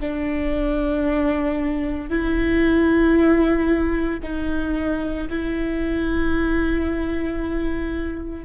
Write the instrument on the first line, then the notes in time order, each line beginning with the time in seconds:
viola
0.00 D4
2.10 E4
4.22 D#4
5.30 E4